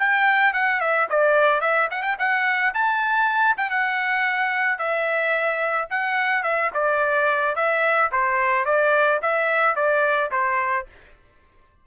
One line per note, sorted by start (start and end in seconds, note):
0.00 0.54 G5
0.54 0.81 F#5
0.81 1.08 E5
1.10 1.62 D5
1.62 1.89 E5
1.91 2.03 F#5
2.03 2.17 G5
2.19 2.74 F#5
2.74 3.57 A5
3.58 3.71 G5
3.71 4.79 F#5
4.79 5.89 E5
5.90 6.44 F#5
6.44 6.71 E5
6.75 7.56 D5
7.56 8.11 E5
8.12 8.66 C5
8.66 9.21 D5
9.23 9.76 E5
9.76 10.31 D5
10.32 10.87 C5